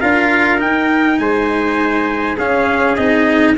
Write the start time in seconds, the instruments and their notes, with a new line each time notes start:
0.00 tuba D4, cello F4, trumpet A#4 F5
0.59 cello D#4, tuba D#4, trumpet G5
1.19 tuba G#3, trumpet C5 G#5
2.37 tuba C#4, cello C#4, trumpet G#4 F5
2.97 tuba C4, cello D#4, trumpet D#5